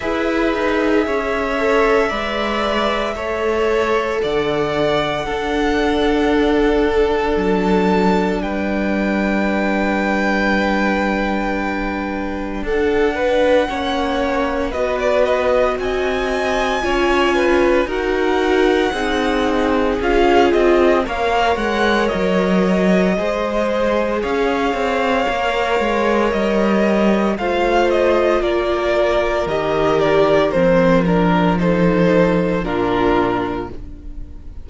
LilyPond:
<<
  \new Staff \with { instrumentName = "violin" } { \time 4/4 \tempo 4 = 57 e''1 | fis''2. a''4 | g''1 | fis''2 dis''16 d''16 dis''8 gis''4~ |
gis''4 fis''2 f''8 dis''8 | f''8 fis''8 dis''2 f''4~ | f''4 dis''4 f''8 dis''8 d''4 | dis''8 d''8 c''8 ais'8 c''4 ais'4 | }
  \new Staff \with { instrumentName = "violin" } { \time 4/4 b'4 cis''4 d''4 cis''4 | d''4 a'2. | b'1 | a'8 b'8 cis''4 b'4 dis''4 |
cis''8 b'8 ais'4 gis'2 | cis''2 c''4 cis''4~ | cis''2 c''4 ais'4~ | ais'2 a'4 f'4 | }
  \new Staff \with { instrumentName = "viola" } { \time 4/4 gis'4. a'8 b'4 a'4~ | a'4 d'2.~ | d'1~ | d'4 cis'4 fis'2 |
f'4 fis'4 dis'4 f'4 | ais'2 gis'2 | ais'2 f'2 | g'4 c'8 d'8 dis'4 d'4 | }
  \new Staff \with { instrumentName = "cello" } { \time 4/4 e'8 dis'8 cis'4 gis4 a4 | d4 d'2 fis4 | g1 | d'4 ais4 b4 c'4 |
cis'4 dis'4 c'4 cis'8 c'8 | ais8 gis8 fis4 gis4 cis'8 c'8 | ais8 gis8 g4 a4 ais4 | dis4 f2 ais,4 | }
>>